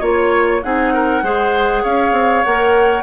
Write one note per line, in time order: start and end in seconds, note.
0.00 0.62 A#3
0.00 0.62 F4
0.00 0.61 C#5
0.00 0.63 C#5
0.63 1.23 C4
0.63 1.23 D#4
0.63 0.93 G#4
0.63 1.84 F#5
0.93 1.24 A#4
1.23 1.84 G#3
1.23 2.44 G#4
1.23 1.83 C5
1.83 2.12 C#4
1.83 3.03 C#5
1.83 2.44 F5
2.12 2.42 C4
2.44 3.03 A#3
2.44 3.03 A#4
2.44 3.03 F#5